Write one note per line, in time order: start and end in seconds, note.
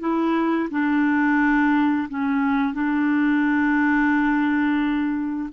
0.00 0.69 E4
0.71 2.08 D4
2.09 2.74 C#4
2.74 5.50 D4